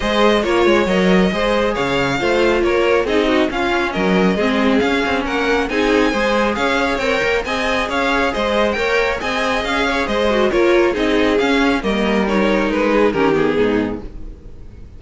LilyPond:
<<
  \new Staff \with { instrumentName = "violin" } { \time 4/4 \tempo 4 = 137 dis''4 cis''4 dis''2 | f''2 cis''4 dis''4 | f''4 dis''2 f''4 | fis''4 gis''2 f''4 |
g''4 gis''4 f''4 dis''4 | g''4 gis''4 f''4 dis''4 | cis''4 dis''4 f''4 dis''4 | cis''4 b'4 ais'8 gis'4. | }
  \new Staff \with { instrumentName = "violin" } { \time 4/4 c''4 cis''2 c''4 | cis''4 c''4 ais'4 gis'8 fis'8 | f'4 ais'4 gis'2 | ais'4 gis'4 c''4 cis''4~ |
cis''4 dis''4 cis''4 c''4 | cis''4 dis''4. cis''8 c''4 | ais'4 gis'2 ais'4~ | ais'4. gis'8 g'4 dis'4 | }
  \new Staff \with { instrumentName = "viola" } { \time 4/4 gis'4 f'4 ais'4 gis'4~ | gis'4 f'2 dis'4 | cis'2 c'4 cis'4~ | cis'4 dis'4 gis'2 |
ais'4 gis'2. | ais'4 gis'2~ gis'8 fis'8 | f'4 dis'4 cis'4 ais4 | dis'2 cis'8 b4. | }
  \new Staff \with { instrumentName = "cello" } { \time 4/4 gis4 ais8 gis8 fis4 gis4 | cis4 a4 ais4 c'4 | cis'4 fis4 gis4 cis'8 c'8 | ais4 c'4 gis4 cis'4 |
c'8 ais8 c'4 cis'4 gis4 | ais4 c'4 cis'4 gis4 | ais4 c'4 cis'4 g4~ | g4 gis4 dis4 gis,4 | }
>>